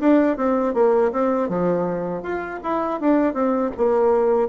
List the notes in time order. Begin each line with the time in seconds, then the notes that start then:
0.00 D4
0.37 C4
0.74 A#3
1.12 C4
1.49 F3
2.23 F4
2.63 E4
3.00 D4
3.33 C4
3.77 A#3